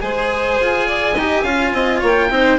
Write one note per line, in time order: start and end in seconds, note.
0.00 0.59 G#3
0.00 1.14 G#4
0.00 0.87 C5
0.00 2.00 G#5
0.60 1.16 F4
0.87 1.14 D5
1.14 1.43 D#4
1.14 1.45 G4
1.14 1.43 D#5
1.43 1.71 C#4
1.43 2.30 F4
1.43 1.72 F5
1.73 2.01 C4
1.73 1.99 D#5
1.99 2.30 A#3
1.99 2.28 C#5
2.06 2.58 G5
2.30 2.58 C4
2.30 2.58 D#4
2.30 2.58 C5